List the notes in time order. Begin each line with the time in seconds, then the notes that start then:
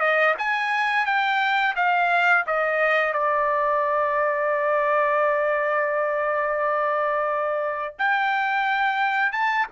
0.00 D#5
0.38 G#5
1.05 G5
1.76 F5
2.46 D#5
3.13 D5
7.98 G5
9.32 A5